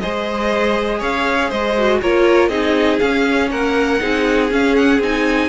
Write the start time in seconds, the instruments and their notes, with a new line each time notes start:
0.00 cello G#3, viola G#4, violin C5 D#5
0.99 cello C#4, violin C#5 F5
1.49 cello G#3, violin C5 D#5
1.78 viola F#4
2.02 cello A#3, viola F4, violin A#4 C#5
2.49 cello C4, viola D#4, violin G#4 D#5
3.00 viola C#4, cello C#4, violin F5
3.51 cello A#3, violin A#4 F#5
4.00 cello C4, viola D#4, violin G#4
4.51 cello C#4, viola C#4, violin F5
4.76 violin F#5
4.99 cello C4, viola D#4, violin G#5